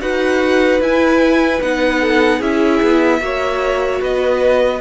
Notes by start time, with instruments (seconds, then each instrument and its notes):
0.00 cello D#4, viola F#4, violin B4 F#5
0.80 cello E4, viola E4, violin G#5
1.61 cello B3, viola D#4, violin F#5
2.00 violin A4
2.38 cello C#4, viola E4, violin G#4 E5
2.82 cello B3
3.20 cello A#3, viola F#4, violin C#5
4.00 cello B3, violin B4 D#5